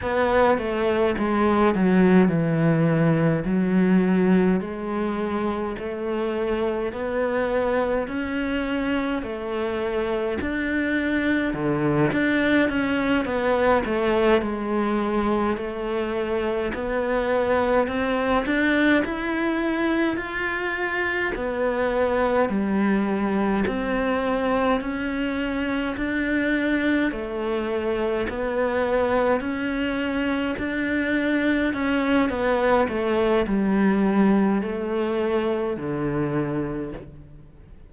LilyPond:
\new Staff \with { instrumentName = "cello" } { \time 4/4 \tempo 4 = 52 b8 a8 gis8 fis8 e4 fis4 | gis4 a4 b4 cis'4 | a4 d'4 d8 d'8 cis'8 b8 | a8 gis4 a4 b4 c'8 |
d'8 e'4 f'4 b4 g8~ | g8 c'4 cis'4 d'4 a8~ | a8 b4 cis'4 d'4 cis'8 | b8 a8 g4 a4 d4 | }